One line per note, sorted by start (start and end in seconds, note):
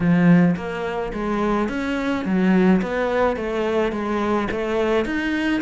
0.00 0.55 F3
0.56 1.12 A#3
1.13 1.68 G#3
1.68 2.25 C#4
2.25 2.81 F#3
2.82 3.36 B3
3.36 3.92 A3
3.92 4.48 G#3
4.51 5.05 A3
5.05 5.61 D#4